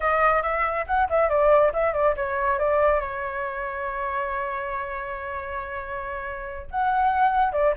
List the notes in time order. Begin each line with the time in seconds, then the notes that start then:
0.00 D#5
0.42 E5
0.87 F#5
1.09 E5
1.29 D5
1.73 E5
1.93 D5
2.16 C#5
2.59 D5
3.00 C#5
6.70 F#5
7.52 D5